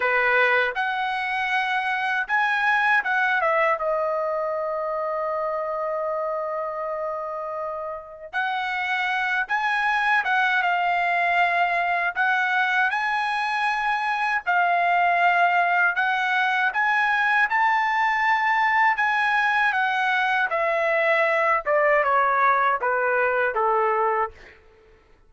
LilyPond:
\new Staff \with { instrumentName = "trumpet" } { \time 4/4 \tempo 4 = 79 b'4 fis''2 gis''4 | fis''8 e''8 dis''2.~ | dis''2. fis''4~ | fis''8 gis''4 fis''8 f''2 |
fis''4 gis''2 f''4~ | f''4 fis''4 gis''4 a''4~ | a''4 gis''4 fis''4 e''4~ | e''8 d''8 cis''4 b'4 a'4 | }